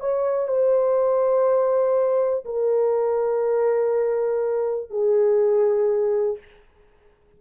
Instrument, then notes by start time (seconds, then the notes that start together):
horn
0.00 C#5
0.48 C5
2.45 A#4
4.90 G#4